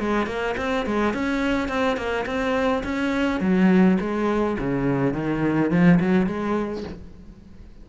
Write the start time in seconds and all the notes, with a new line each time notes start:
0.00 G#3
0.27 A#3
0.58 C4
0.86 G#3
1.14 C#4
1.69 C4
1.97 A#3
2.27 C4
2.84 C#4
3.41 F#3
4.01 G#3
4.60 C#3
5.14 D#3
5.71 F3
6.00 F#3
6.27 G#3